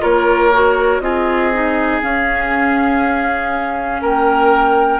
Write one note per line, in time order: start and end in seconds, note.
0.00 1.00 A#3
0.00 0.50 F4
0.00 1.01 A#4
0.00 1.00 C#5
0.53 1.02 F#4
1.00 2.00 C4
1.00 1.52 F4
1.00 4.01 G#4
1.00 2.00 D#5
1.53 2.01 D#4
2.01 5.00 C#4
2.01 4.01 C#4
2.01 4.03 F5
4.01 5.00 A#3
4.01 5.00 A#4
4.01 5.00 G5